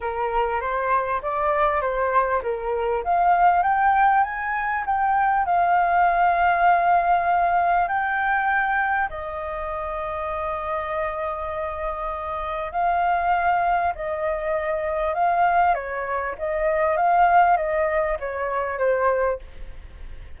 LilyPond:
\new Staff \with { instrumentName = "flute" } { \time 4/4 \tempo 4 = 99 ais'4 c''4 d''4 c''4 | ais'4 f''4 g''4 gis''4 | g''4 f''2.~ | f''4 g''2 dis''4~ |
dis''1~ | dis''4 f''2 dis''4~ | dis''4 f''4 cis''4 dis''4 | f''4 dis''4 cis''4 c''4 | }